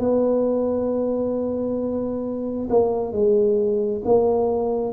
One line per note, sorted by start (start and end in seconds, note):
0.00 2.69 B3
2.70 3.13 A#3
3.13 4.02 G#3
4.05 4.93 A#3